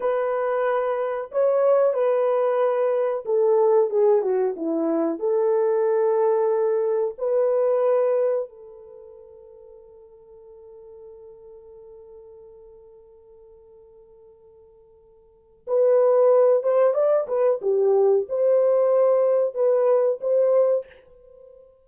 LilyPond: \new Staff \with { instrumentName = "horn" } { \time 4/4 \tempo 4 = 92 b'2 cis''4 b'4~ | b'4 a'4 gis'8 fis'8 e'4 | a'2. b'4~ | b'4 a'2.~ |
a'1~ | a'1 | b'4. c''8 d''8 b'8 g'4 | c''2 b'4 c''4 | }